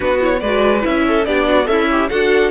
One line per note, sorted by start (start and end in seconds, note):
0.00 0.41 B3
0.00 0.16 D4
0.00 0.40 F#4
0.00 0.20 B4
0.20 0.41 E4
0.20 0.40 C#5
0.40 0.83 G#3
0.40 0.80 F#4
0.40 1.03 B4
0.40 0.82 D5
0.80 1.26 C#4
0.80 1.22 E4
0.80 1.25 E5
1.07 1.27 A4
1.25 1.67 B3
1.25 1.65 D4
1.25 1.47 G4
1.25 1.67 D5
1.47 1.68 F#4
1.65 2.09 C#4
1.65 1.86 A4
1.65 2.09 E5
1.71 2.10 E4
1.91 2.10 G4
2.09 2.51 D4
2.09 2.51 F#4
2.09 2.51 A4
2.09 2.51 F#5